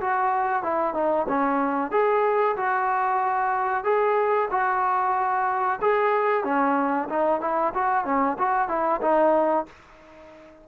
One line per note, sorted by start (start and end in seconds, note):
0.00 0.62 F#4
0.62 0.94 E4
0.94 1.26 D#4
1.28 1.91 C#4
1.91 2.55 G#4
2.56 3.84 F#4
3.84 4.48 G#4
4.50 5.79 F#4
5.81 6.44 G#4
6.44 7.08 C#4
7.09 7.40 D#4
7.40 7.73 E4
7.74 8.04 F#4
8.04 8.37 C#4
8.38 8.68 F#4
8.68 9.00 E4
9.01 9.66 D#4